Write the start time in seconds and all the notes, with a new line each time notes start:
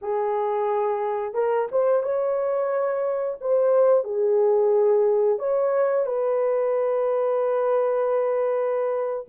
0.01 G#4
1.34 A#4
1.71 C5
2.02 C#5
3.40 C5
4.04 G#4
5.38 C#5
6.06 B4